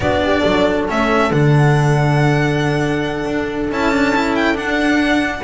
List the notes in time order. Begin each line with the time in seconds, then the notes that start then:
0.00 B3 D4 F#4 D5
0.23 G4
0.39 F#3 A4
0.88 A3 C#4 E5
1.30 D3 D4 F#5
3.25 D4
3.69 C#4 E4 A5
3.92 D4
4.15 E4
4.35 G5
4.54 D4 F#5